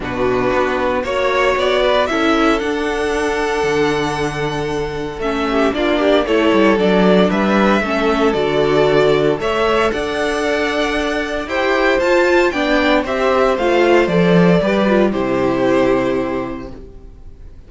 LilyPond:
<<
  \new Staff \with { instrumentName = "violin" } { \time 4/4 \tempo 4 = 115 b'2 cis''4 d''4 | e''4 fis''2.~ | fis''2 e''4 d''4 | cis''4 d''4 e''2 |
d''2 e''4 fis''4~ | fis''2 g''4 a''4 | g''4 e''4 f''4 d''4~ | d''4 c''2. | }
  \new Staff \with { instrumentName = "violin" } { \time 4/4 fis'2 cis''4. b'8 | a'1~ | a'2~ a'8 g'8 f'8 g'8 | a'2 b'4 a'4~ |
a'2 cis''4 d''4~ | d''2 c''2 | d''4 c''2. | b'4 g'2. | }
  \new Staff \with { instrumentName = "viola" } { \time 4/4 d'2 fis'2 | e'4 d'2.~ | d'2 cis'4 d'4 | e'4 d'2 cis'4 |
fis'2 a'2~ | a'2 g'4 f'4 | d'4 g'4 f'4 a'4 | g'8 f'8 e'2. | }
  \new Staff \with { instrumentName = "cello" } { \time 4/4 b,4 b4 ais4 b4 | cis'4 d'2 d4~ | d2 a4 ais4 | a8 g8 fis4 g4 a4 |
d2 a4 d'4~ | d'2 e'4 f'4 | b4 c'4 a4 f4 | g4 c2. | }
>>